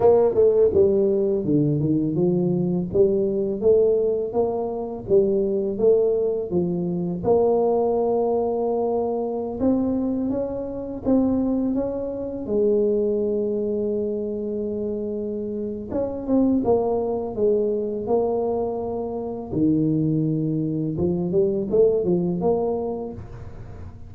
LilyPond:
\new Staff \with { instrumentName = "tuba" } { \time 4/4 \tempo 4 = 83 ais8 a8 g4 d8 dis8 f4 | g4 a4 ais4 g4 | a4 f4 ais2~ | ais4~ ais16 c'4 cis'4 c'8.~ |
c'16 cis'4 gis2~ gis8.~ | gis2 cis'8 c'8 ais4 | gis4 ais2 dis4~ | dis4 f8 g8 a8 f8 ais4 | }